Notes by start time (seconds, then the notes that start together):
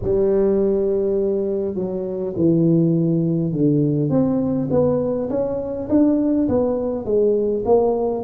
0.02 G3
1.74 F#3
2.36 E3
3.52 D3
4.09 C4
4.70 B3
5.29 C#4
5.89 D4
6.48 B3
7.05 G#3
7.65 A#3